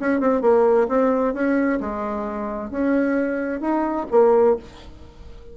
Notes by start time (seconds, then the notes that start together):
0.00 C#4
0.21 C4
0.42 A#3
0.89 C4
1.34 C#4
1.81 G#3
2.71 C#4
3.61 D#4
4.11 A#3